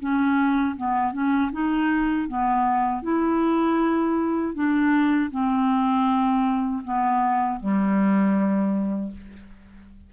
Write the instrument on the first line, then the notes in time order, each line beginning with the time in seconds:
clarinet
0.00 C#4
0.77 B3
1.13 C#4
1.52 D#4
2.28 B3
3.03 E4
4.55 D4
5.31 C4
6.84 B3
7.60 G3